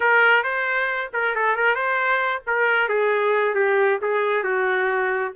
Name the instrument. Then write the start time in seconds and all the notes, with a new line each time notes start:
trumpet
0.00 A#4
0.43 C5
1.13 A#4
1.35 A4
1.56 A#4
1.75 C5
2.46 A#4
2.88 G#4
3.54 G4
4.01 G#4
4.43 F#4